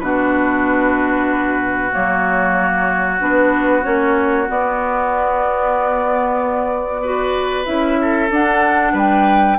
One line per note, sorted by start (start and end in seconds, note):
0.00 1.92 B2
0.00 1.92 D4
0.00 7.03 F#4
0.00 1.91 B4
1.92 3.21 F#3
1.92 3.19 A#3
1.92 3.21 C#5
3.20 3.85 B3
3.20 3.83 D4
3.20 3.84 B4
3.83 4.49 A#3
3.83 4.47 C#4
3.83 4.48 C#5
4.47 7.03 B3
4.47 7.67 B3
4.47 7.66 D5
7.03 7.65 F#4
7.03 7.98 B4
7.65 8.30 C#4
7.65 8.29 E4
7.65 8.30 E5
8.01 8.93 A4
8.30 8.94 D4
8.30 9.59 D4
8.30 8.97 F#5
8.93 9.58 G3
8.93 9.57 B4
8.93 9.59 G5